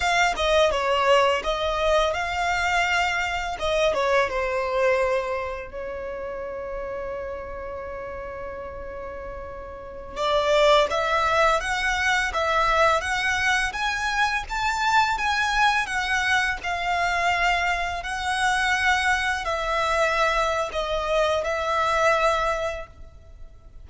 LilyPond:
\new Staff \with { instrumentName = "violin" } { \time 4/4 \tempo 4 = 84 f''8 dis''8 cis''4 dis''4 f''4~ | f''4 dis''8 cis''8 c''2 | cis''1~ | cis''2~ cis''16 d''4 e''8.~ |
e''16 fis''4 e''4 fis''4 gis''8.~ | gis''16 a''4 gis''4 fis''4 f''8.~ | f''4~ f''16 fis''2 e''8.~ | e''4 dis''4 e''2 | }